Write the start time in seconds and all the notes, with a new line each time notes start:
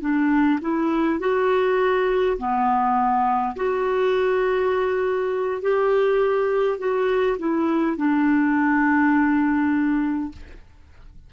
0.00 D4
0.60 E4
1.19 F#4
2.37 B3
3.56 F#4
5.61 G4
6.78 F#4
7.38 E4
7.97 D4